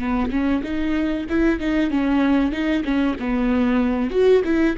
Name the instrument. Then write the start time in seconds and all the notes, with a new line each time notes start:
viola
0.00 B3
0.31 C#4
0.64 D#4
1.30 E4
1.60 D#4
1.91 C#4
2.52 D#4
2.85 C#4
3.20 B3
4.11 F#4
4.45 E4